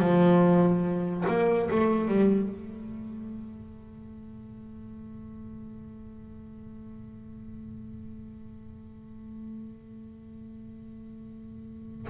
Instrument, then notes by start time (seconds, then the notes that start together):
double bass
0.00 F3
1.28 A#3
1.71 A3
2.08 G3
2.49 A3